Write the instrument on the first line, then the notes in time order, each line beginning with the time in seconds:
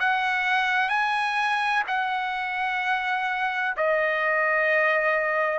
trumpet
0.00 F#5
0.89 G#5
1.88 F#5
3.77 D#5